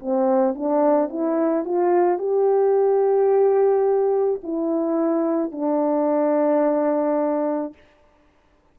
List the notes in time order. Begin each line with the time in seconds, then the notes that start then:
0.00 C4
0.55 D4
1.10 E4
1.65 F4
2.19 G4
4.43 E4
5.52 D4